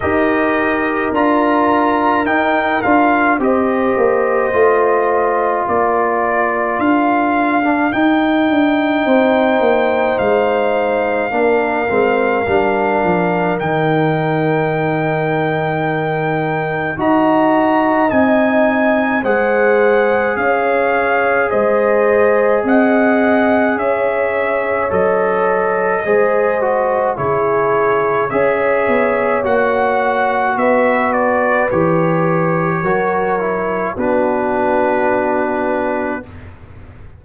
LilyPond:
<<
  \new Staff \with { instrumentName = "trumpet" } { \time 4/4 \tempo 4 = 53 dis''4 ais''4 g''8 f''8 dis''4~ | dis''4 d''4 f''4 g''4~ | g''4 f''2. | g''2. ais''4 |
gis''4 fis''4 f''4 dis''4 | fis''4 e''4 dis''2 | cis''4 e''4 fis''4 e''8 d''8 | cis''2 b'2 | }
  \new Staff \with { instrumentName = "horn" } { \time 4/4 ais'2. c''4~ | c''4 ais'2. | c''2 ais'2~ | ais'2. dis''4~ |
dis''4 c''4 cis''4 c''4 | dis''4 cis''2 c''4 | gis'4 cis''2 b'4~ | b'4 ais'4 fis'2 | }
  \new Staff \with { instrumentName = "trombone" } { \time 4/4 g'4 f'4 dis'8 f'8 g'4 | f'2~ f'8. d'16 dis'4~ | dis'2 d'8 c'8 d'4 | dis'2. fis'4 |
dis'4 gis'2.~ | gis'2 a'4 gis'8 fis'8 | e'4 gis'4 fis'2 | g'4 fis'8 e'8 d'2 | }
  \new Staff \with { instrumentName = "tuba" } { \time 4/4 dis'4 d'4 dis'8 d'8 c'8 ais8 | a4 ais4 d'4 dis'8 d'8 | c'8 ais8 gis4 ais8 gis8 g8 f8 | dis2. dis'4 |
c'4 gis4 cis'4 gis4 | c'4 cis'4 fis4 gis4 | cis4 cis'8 b8 ais4 b4 | e4 fis4 b2 | }
>>